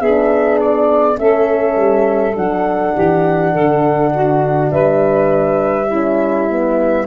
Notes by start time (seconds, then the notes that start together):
0.00 B3 D4 G#4 E5
0.60 D5
1.16 A3 C#4 A4 E5
1.76 G3
2.35 F#3 D4 F#5
2.94 E3 G4
3.53 D3 A4
4.13 F#4
4.72 G3 B4 E5
5.88 C#4 E4
6.50 B3